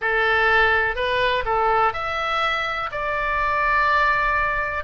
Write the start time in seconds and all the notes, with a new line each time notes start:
0.01 A4
0.95 B4
1.45 A4
1.93 E5
2.91 D5